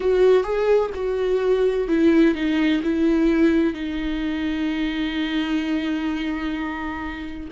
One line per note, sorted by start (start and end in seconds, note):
0.00 0.43 F#4
0.43 0.90 G#4
0.94 1.88 F#4
1.88 2.34 E4
2.34 2.81 D#4
2.83 3.73 E4
3.73 7.48 D#4